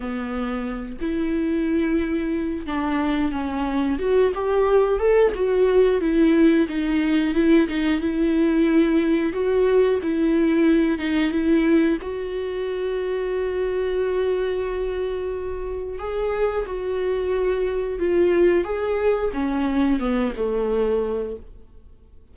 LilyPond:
\new Staff \with { instrumentName = "viola" } { \time 4/4 \tempo 4 = 90 b4. e'2~ e'8 | d'4 cis'4 fis'8 g'4 a'8 | fis'4 e'4 dis'4 e'8 dis'8 | e'2 fis'4 e'4~ |
e'8 dis'8 e'4 fis'2~ | fis'1 | gis'4 fis'2 f'4 | gis'4 cis'4 b8 a4. | }